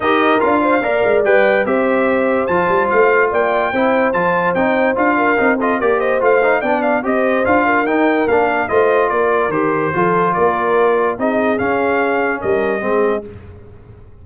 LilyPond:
<<
  \new Staff \with { instrumentName = "trumpet" } { \time 4/4 \tempo 4 = 145 dis''4 f''2 g''4 | e''2 a''4 f''4 | g''2 a''4 g''4 | f''4. dis''8 d''8 dis''8 f''4 |
g''8 f''8 dis''4 f''4 g''4 | f''4 dis''4 d''4 c''4~ | c''4 d''2 dis''4 | f''2 dis''2 | }
  \new Staff \with { instrumentName = "horn" } { \time 4/4 ais'4. c''8 d''2 | c''1 | d''4 c''2.~ | c''8 ais'4 a'8 ais'8 c''4. |
d''4 c''4. ais'4.~ | ais'4 c''4 ais'2 | a'4 ais'2 gis'4~ | gis'2 ais'4 gis'4 | }
  \new Staff \with { instrumentName = "trombone" } { \time 4/4 g'4 f'4 ais'4 b'4 | g'2 f'2~ | f'4 e'4 f'4 dis'4 | f'4 dis'8 f'8 g'4 f'8 dis'8 |
d'4 g'4 f'4 dis'4 | d'4 f'2 g'4 | f'2. dis'4 | cis'2. c'4 | }
  \new Staff \with { instrumentName = "tuba" } { \time 4/4 dis'4 d'4 ais8 gis8 g4 | c'2 f8 g8 a4 | ais4 c'4 f4 c'4 | d'4 c'4 ais4 a4 |
b4 c'4 d'4 dis'4 | ais4 a4 ais4 dis4 | f4 ais2 c'4 | cis'2 g4 gis4 | }
>>